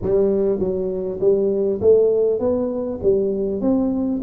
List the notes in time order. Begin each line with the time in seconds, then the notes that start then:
0.02 G3
0.59 F#3
1.20 G3
1.81 A3
2.39 B3
3.03 G3
3.61 C4